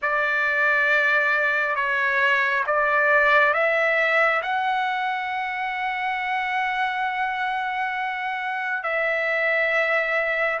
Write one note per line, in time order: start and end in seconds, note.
0.02 1.75 D5
1.75 2.64 C#5
2.66 3.53 D5
3.53 4.42 E5
4.42 8.83 F#5
8.83 10.59 E5